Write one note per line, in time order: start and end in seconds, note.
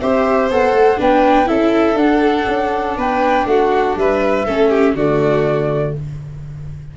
0.00 0.51 C4
0.00 0.51 G4
0.00 0.99 C5
0.00 0.50 E5
0.50 0.73 B3
0.50 0.97 A4
0.50 1.00 F#5
0.73 0.97 A3
0.97 1.50 B3
0.97 1.46 D4
0.97 1.48 B4
0.97 1.48 G5
1.46 1.94 C#4
1.46 1.95 E4
1.46 2.97 A4
1.46 1.97 E5
1.94 2.44 D4
1.94 4.46 D4
1.94 2.96 F#5
2.48 2.97 C#4
2.97 3.46 B3
2.97 3.47 B4
2.97 3.46 G5
3.46 3.95 A3
3.46 3.99 F#4
3.46 3.96 F#5
3.96 4.46 G3
3.96 4.45 B4
3.96 4.96 E5
4.45 4.94 A3
4.45 4.97 C#4
4.45 4.70 A4
4.70 4.94 G4
4.94 5.93 D3
4.94 5.97 A3
4.94 5.94 F#4
4.94 5.96 D5